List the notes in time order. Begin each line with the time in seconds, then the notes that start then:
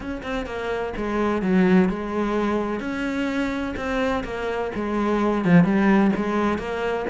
0.00 C#4
0.22 C4
0.46 A#3
0.96 G#3
1.42 F#3
1.89 G#3
2.80 C#4
3.76 C4
4.23 A#3
4.75 G#3
5.44 F3
5.64 G3
6.16 G#3
6.58 A#3